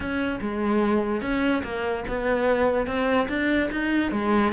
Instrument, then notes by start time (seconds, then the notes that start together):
cello
0.00 C#4
0.40 G#3
1.21 C#4
1.63 A#3
2.08 B3
2.86 C4
3.28 D4
3.71 D#4
4.11 G#3